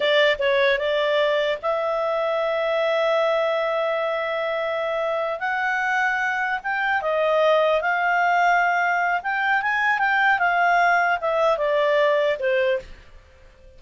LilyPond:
\new Staff \with { instrumentName = "clarinet" } { \time 4/4 \tempo 4 = 150 d''4 cis''4 d''2 | e''1~ | e''1~ | e''4. fis''2~ fis''8~ |
fis''8 g''4 dis''2 f''8~ | f''2. g''4 | gis''4 g''4 f''2 | e''4 d''2 c''4 | }